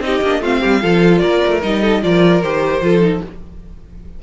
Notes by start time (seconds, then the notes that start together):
0.00 C4 D#4 G4 D#5
0.21 A#3 D4
0.40 A3 C4 F4 F5
0.61 G3 G4
0.81 F3 F4 A4
1.18 A#3 A#4 D5
1.46 A3
1.62 G3 D#4 D#5
1.82 A4
2.02 F3 F4 A#4 D5
2.42 D#3 G4 C5
2.81 F3 F4 A4
3.01 D#4